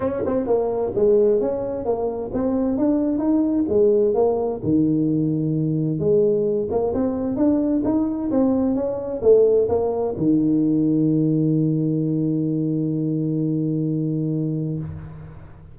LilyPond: \new Staff \with { instrumentName = "tuba" } { \time 4/4 \tempo 4 = 130 cis'8 c'8 ais4 gis4 cis'4 | ais4 c'4 d'4 dis'4 | gis4 ais4 dis2~ | dis4 gis4. ais8 c'4 |
d'4 dis'4 c'4 cis'4 | a4 ais4 dis2~ | dis1~ | dis1 | }